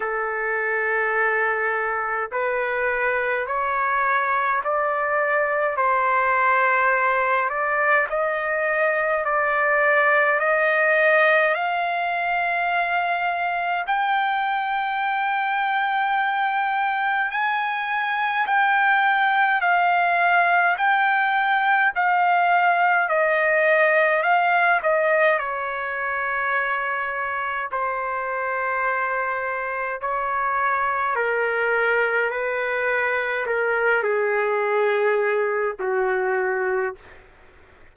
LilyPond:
\new Staff \with { instrumentName = "trumpet" } { \time 4/4 \tempo 4 = 52 a'2 b'4 cis''4 | d''4 c''4. d''8 dis''4 | d''4 dis''4 f''2 | g''2. gis''4 |
g''4 f''4 g''4 f''4 | dis''4 f''8 dis''8 cis''2 | c''2 cis''4 ais'4 | b'4 ais'8 gis'4. fis'4 | }